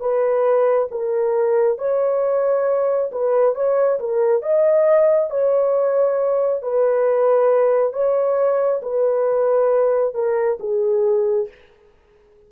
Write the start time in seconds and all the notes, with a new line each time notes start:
0.00 B4
0.91 A#4
1.78 C#5
3.12 B4
3.55 C#5
3.99 A#4
4.42 D#5
5.31 C#5
6.63 B4
7.93 C#5
8.82 B4
10.14 A#4
10.60 G#4